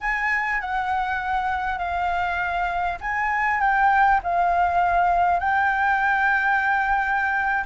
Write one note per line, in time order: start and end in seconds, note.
0.00 0.60 G#5
0.60 1.78 F#5
1.78 2.98 F5
3.00 3.60 G#5
3.60 4.20 G5
4.23 5.39 F5
5.39 7.64 G5